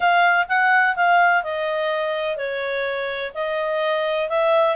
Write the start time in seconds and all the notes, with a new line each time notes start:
0.00 F5
0.48 F#5
0.95 F5
1.43 D#5
2.36 C#5
3.34 D#5
4.29 E5